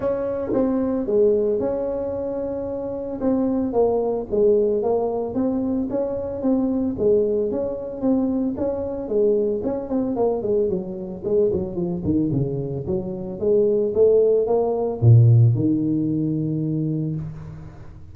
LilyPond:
\new Staff \with { instrumentName = "tuba" } { \time 4/4 \tempo 4 = 112 cis'4 c'4 gis4 cis'4~ | cis'2 c'4 ais4 | gis4 ais4 c'4 cis'4 | c'4 gis4 cis'4 c'4 |
cis'4 gis4 cis'8 c'8 ais8 gis8 | fis4 gis8 fis8 f8 dis8 cis4 | fis4 gis4 a4 ais4 | ais,4 dis2. | }